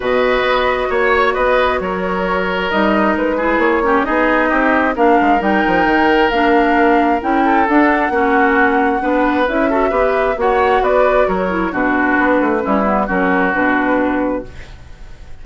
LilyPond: <<
  \new Staff \with { instrumentName = "flute" } { \time 4/4 \tempo 4 = 133 dis''2 cis''4 dis''4 | cis''2 dis''4 b'4 | cis''4 dis''2 f''4 | g''2 f''2 |
g''4 fis''2.~ | fis''4 e''2 fis''4 | d''4 cis''4 b'2~ | b'4 ais'4 b'2 | }
  \new Staff \with { instrumentName = "oboe" } { \time 4/4 b'2 cis''4 b'4 | ais'2.~ ais'8 gis'8~ | gis'8 g'8 gis'4 g'4 ais'4~ | ais'1~ |
ais'8 a'4. fis'2 | b'4. a'8 b'4 cis''4 | b'4 ais'4 fis'2 | e'4 fis'2. | }
  \new Staff \with { instrumentName = "clarinet" } { \time 4/4 fis'1~ | fis'2 dis'4. e'8~ | e'8 cis'8 dis'2 d'4 | dis'2 d'2 |
e'4 d'4 cis'2 | d'4 e'8 fis'8 g'4 fis'4~ | fis'4. e'8 d'2 | cis'8 b8 cis'4 d'2 | }
  \new Staff \with { instrumentName = "bassoon" } { \time 4/4 b,4 b4 ais4 b4 | fis2 g4 gis4 | ais4 b4 c'4 ais8 gis8 | g8 f8 dis4 ais2 |
cis'4 d'4 ais2 | b4 cis'4 b4 ais4 | b4 fis4 b,4 b8 a8 | g4 fis4 b,2 | }
>>